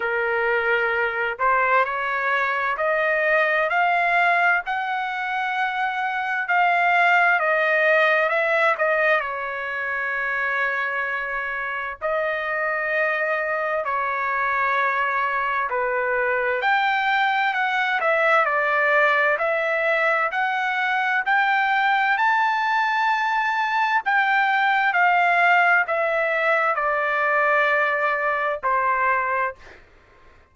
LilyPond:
\new Staff \with { instrumentName = "trumpet" } { \time 4/4 \tempo 4 = 65 ais'4. c''8 cis''4 dis''4 | f''4 fis''2 f''4 | dis''4 e''8 dis''8 cis''2~ | cis''4 dis''2 cis''4~ |
cis''4 b'4 g''4 fis''8 e''8 | d''4 e''4 fis''4 g''4 | a''2 g''4 f''4 | e''4 d''2 c''4 | }